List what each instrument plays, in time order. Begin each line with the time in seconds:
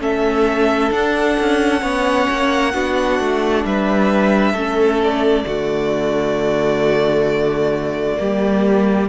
0.00 cello A3, viola C#4, violin A4 E5
0.91 viola D4, cello D4, violin F#5
1.40 cello C#4
1.81 cello B3, viola C#4, violin C#5
2.30 cello A#3
2.74 cello B3, viola D4, violin F#4
3.20 cello A3
3.65 cello G3, violin B4 E5
4.53 cello A3, viola C#4, violin A4
5.04 violin D5
5.46 cello D3, viola A3, violin F#4
8.18 cello G3, viola A#3, violin G4